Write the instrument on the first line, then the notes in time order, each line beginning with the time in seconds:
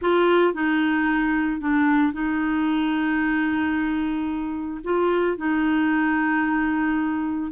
clarinet
0.01 F4
0.53 D#4
1.60 D4
2.12 D#4
4.84 F4
5.37 D#4